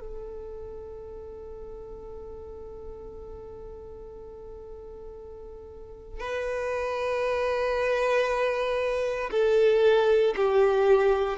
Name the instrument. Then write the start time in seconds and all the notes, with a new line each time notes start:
violin
0.00 A4
6.20 B4
9.31 A4
10.36 G4